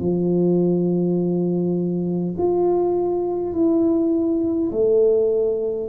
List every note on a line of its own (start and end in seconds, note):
0.00 2.35 F3
2.38 3.53 F4
3.53 4.71 E4
4.72 5.89 A3